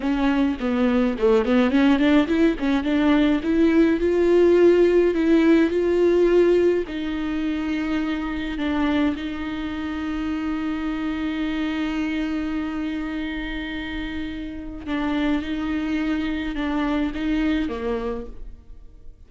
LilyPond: \new Staff \with { instrumentName = "viola" } { \time 4/4 \tempo 4 = 105 cis'4 b4 a8 b8 cis'8 d'8 | e'8 cis'8 d'4 e'4 f'4~ | f'4 e'4 f'2 | dis'2. d'4 |
dis'1~ | dis'1~ | dis'2 d'4 dis'4~ | dis'4 d'4 dis'4 ais4 | }